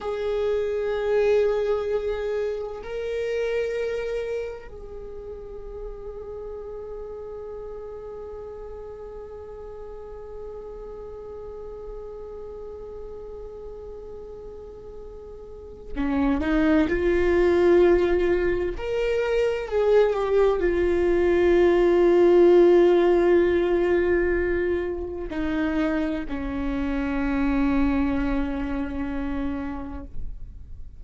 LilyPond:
\new Staff \with { instrumentName = "viola" } { \time 4/4 \tempo 4 = 64 gis'2. ais'4~ | ais'4 gis'2.~ | gis'1~ | gis'1~ |
gis'4 cis'8 dis'8 f'2 | ais'4 gis'8 g'8 f'2~ | f'2. dis'4 | cis'1 | }